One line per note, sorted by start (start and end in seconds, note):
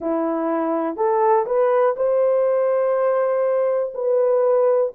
0.00 0.96 E4
0.96 1.45 A4
1.45 1.94 B4
1.96 3.93 C5
3.94 4.92 B4